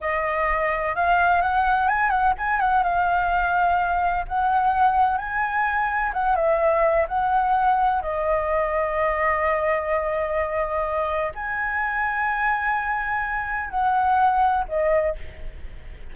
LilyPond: \new Staff \with { instrumentName = "flute" } { \time 4/4 \tempo 4 = 127 dis''2 f''4 fis''4 | gis''8 fis''8 gis''8 fis''8 f''2~ | f''4 fis''2 gis''4~ | gis''4 fis''8 e''4. fis''4~ |
fis''4 dis''2.~ | dis''1 | gis''1~ | gis''4 fis''2 dis''4 | }